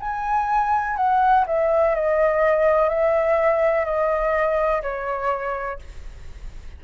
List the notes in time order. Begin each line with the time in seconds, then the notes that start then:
0.00 G#5
0.97 F#5
1.47 E5
1.95 D#5
2.89 E5
3.85 D#5
4.82 C#5